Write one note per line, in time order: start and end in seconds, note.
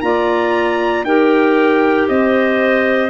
0.00 1.03 A#3
0.00 1.05 F4
0.00 1.06 D5
0.00 1.03 A#5
1.03 2.07 D#4
1.03 3.09 G4
1.03 2.08 A#4
1.03 2.08 G5
2.08 3.09 C4
2.08 3.09 C5
2.08 3.09 D#5